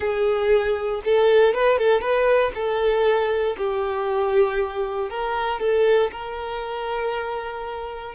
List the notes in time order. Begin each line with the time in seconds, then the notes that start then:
0.00 G#4
1.04 A4
1.53 B4
1.78 A4
2.00 B4
2.54 A4
3.57 G4
5.10 A#4
5.60 A4
6.11 A#4